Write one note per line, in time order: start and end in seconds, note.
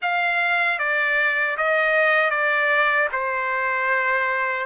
0.02 0.79 F5
0.79 1.57 D5
1.57 2.30 D#5
2.30 3.08 D5
3.12 4.66 C5